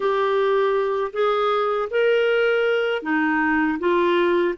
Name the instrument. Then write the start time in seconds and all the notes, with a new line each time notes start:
clarinet
0.00 G4
1.12 G#4
1.90 A#4
3.02 D#4
3.79 F4